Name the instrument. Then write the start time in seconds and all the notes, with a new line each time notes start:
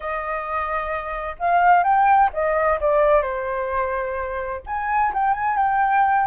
flute
0.00 D#5
1.39 F5
1.83 G5
2.33 D#5
2.80 D5
3.22 C5
4.66 G#5
5.13 G5
5.33 G#5
5.57 G5